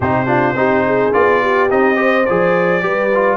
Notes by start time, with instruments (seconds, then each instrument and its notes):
0.00 tuba C3, trombone D#4, horn G4, trumpet C5
0.26 trombone D4, horn F4
0.54 tuba C4, trombone D#4, horn G4
0.85 horn G#4
1.12 tuba B3, trombone F4, trumpet D5
1.42 horn G4
1.70 tuba C4, trombone D#4, trumpet D#5
1.95 trombone G4, horn C5
2.25 tuba F3, trombone G#4, trumpet D5
2.81 tuba G3, trombone G4, horn B4
3.14 trombone F4